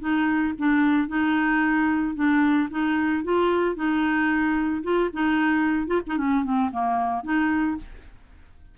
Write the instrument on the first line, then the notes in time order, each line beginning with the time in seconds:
clarinet
0.00 D#4
0.58 D4
1.08 D#4
2.15 D4
2.70 D#4
3.24 F4
3.75 D#4
4.83 F4
5.13 D#4
5.87 F4
6.07 D#4
6.17 C#4
6.44 C4
6.71 A#3
7.23 D#4